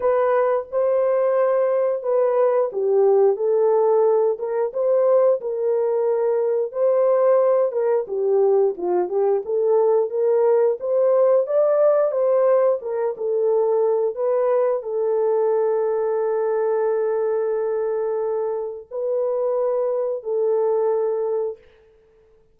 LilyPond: \new Staff \with { instrumentName = "horn" } { \time 4/4 \tempo 4 = 89 b'4 c''2 b'4 | g'4 a'4. ais'8 c''4 | ais'2 c''4. ais'8 | g'4 f'8 g'8 a'4 ais'4 |
c''4 d''4 c''4 ais'8 a'8~ | a'4 b'4 a'2~ | a'1 | b'2 a'2 | }